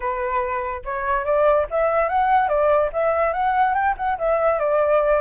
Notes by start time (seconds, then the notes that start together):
0.00 B4
0.84 C#5
1.24 D5
1.70 E5
2.08 F#5
2.48 D5
2.93 E5
3.33 F#5
3.74 G5
3.97 F#5
4.18 E5
4.59 D5